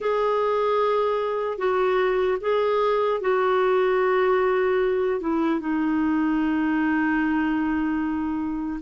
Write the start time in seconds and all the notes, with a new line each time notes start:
0.00 G#4
1.57 F#4
2.40 G#4
3.20 F#4
5.20 E4
5.60 D#4